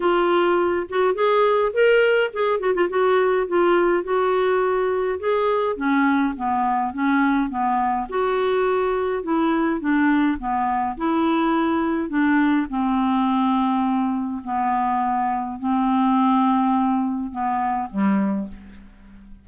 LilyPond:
\new Staff \with { instrumentName = "clarinet" } { \time 4/4 \tempo 4 = 104 f'4. fis'8 gis'4 ais'4 | gis'8 fis'16 f'16 fis'4 f'4 fis'4~ | fis'4 gis'4 cis'4 b4 | cis'4 b4 fis'2 |
e'4 d'4 b4 e'4~ | e'4 d'4 c'2~ | c'4 b2 c'4~ | c'2 b4 g4 | }